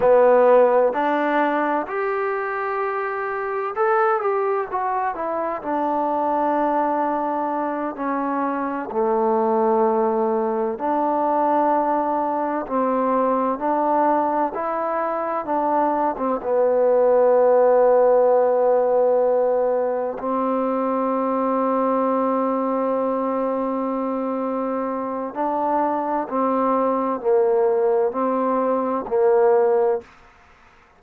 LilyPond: \new Staff \with { instrumentName = "trombone" } { \time 4/4 \tempo 4 = 64 b4 d'4 g'2 | a'8 g'8 fis'8 e'8 d'2~ | d'8 cis'4 a2 d'8~ | d'4. c'4 d'4 e'8~ |
e'8 d'8. c'16 b2~ b8~ | b4. c'2~ c'8~ | c'2. d'4 | c'4 ais4 c'4 ais4 | }